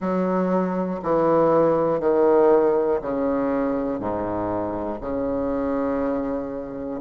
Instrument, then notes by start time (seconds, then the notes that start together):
bassoon
0.00 F#3
1.02 E3
2.00 D#3
3.01 C#3
4.00 G#2
5.00 C#3